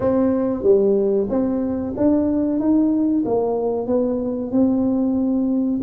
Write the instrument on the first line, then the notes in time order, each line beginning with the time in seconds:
tuba
0.00 C4
0.63 G3
1.29 C4
1.96 D4
2.59 D#4
3.25 A#3
3.87 B3
4.51 C4